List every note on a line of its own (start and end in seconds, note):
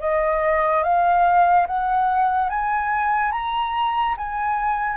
0.00 0.83 D#5
0.83 1.67 F5
1.67 2.50 F#5
2.50 3.32 G#5
3.32 4.15 A#5
4.17 4.97 G#5